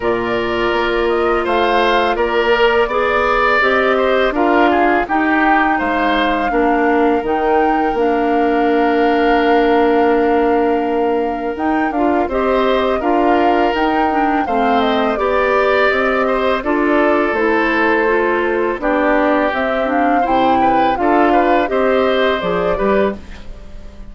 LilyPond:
<<
  \new Staff \with { instrumentName = "flute" } { \time 4/4 \tempo 4 = 83 d''4. dis''8 f''4 d''4~ | d''4 dis''4 f''4 g''4 | f''2 g''4 f''4~ | f''1 |
g''8 f''8 dis''4 f''4 g''4 | f''8 dis''8 d''4 dis''4 d''4 | c''2 d''4 e''8 f''8 | g''4 f''4 dis''4 d''4 | }
  \new Staff \with { instrumentName = "oboe" } { \time 4/4 ais'2 c''4 ais'4 | d''4. c''8 ais'8 gis'8 g'4 | c''4 ais'2.~ | ais'1~ |
ais'4 c''4 ais'2 | c''4 d''4. c''8 a'4~ | a'2 g'2 | c''8 b'8 a'8 b'8 c''4. b'8 | }
  \new Staff \with { instrumentName = "clarinet" } { \time 4/4 f'2.~ f'8 ais'8 | gis'4 g'4 f'4 dis'4~ | dis'4 d'4 dis'4 d'4~ | d'1 |
dis'8 f'8 g'4 f'4 dis'8 d'8 | c'4 g'2 f'4 | e'4 f'4 d'4 c'8 d'8 | e'4 f'4 g'4 gis'8 g'8 | }
  \new Staff \with { instrumentName = "bassoon" } { \time 4/4 ais,4 ais4 a4 ais4 | b4 c'4 d'4 dis'4 | gis4 ais4 dis4 ais4~ | ais1 |
dis'8 d'8 c'4 d'4 dis'4 | a4 b4 c'4 d'4 | a2 b4 c'4 | c4 d'4 c'4 f8 g8 | }
>>